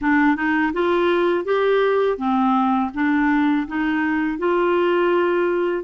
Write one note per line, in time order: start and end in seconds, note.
0.01 0.36 D4
0.36 0.72 D#4
0.73 1.44 F4
1.44 2.18 G4
2.18 2.91 C4
2.94 3.67 D4
3.68 4.38 D#4
4.38 5.84 F4